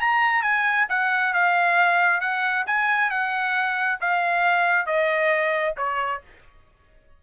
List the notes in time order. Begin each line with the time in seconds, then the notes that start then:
0.00 A#5
0.42 G#5
0.89 F#5
1.34 F5
2.21 F#5
2.66 G#5
3.10 F#5
4.00 F5
4.86 D#5
5.77 C#5